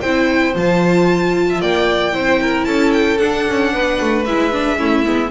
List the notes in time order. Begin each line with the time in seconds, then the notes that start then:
0.00 C4 E4 C5 G5
0.53 F3 F4 A5
1.49 E5
1.61 A#3 D5 G5
2.12 C4 E4 C5
2.41 A#4
2.64 C#4 A4 A5
2.92 G5
3.17 D4 F#5
3.48 C#4
3.72 B3 B4
4.01 A3
4.25 G#3 E4 E5
4.52 D4
4.77 A3 C#4 E4
5.05 G#3 B3